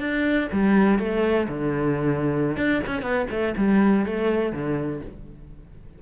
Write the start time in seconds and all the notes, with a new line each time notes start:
0.00 D4
0.53 G3
0.99 A3
1.49 D3
2.57 D4
2.87 C#4
3.02 B3
3.31 A3
3.57 G3
4.06 A3
4.53 D3